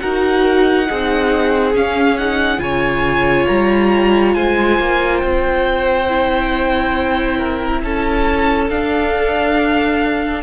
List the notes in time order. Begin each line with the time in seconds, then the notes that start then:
0.00 D#4 F#4 A#4 F#5
0.86 C4 D#4 G#4
1.74 C#4 F5
2.18 D#4 F#5
2.58 C#3 F4 C#5 G#5
3.47 G3 A#5
4.34 G#3 C5 G#5
4.79 A#3
5.18 C4 G5
6.09 E4
7.38 A#4
7.83 C#4 A4 A5
8.69 D4 F5